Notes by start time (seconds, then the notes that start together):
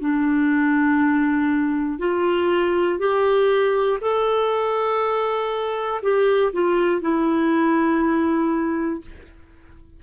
0.00 D4
1.99 F4
2.99 G4
4.01 A4
6.03 G4
6.53 F4
7.01 E4